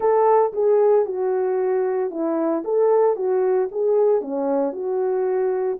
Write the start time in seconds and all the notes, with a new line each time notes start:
0.00 A4
0.53 G#4
1.05 F#4
2.10 E4
2.64 A4
3.16 F#4
3.71 G#4
4.21 C#4
4.72 F#4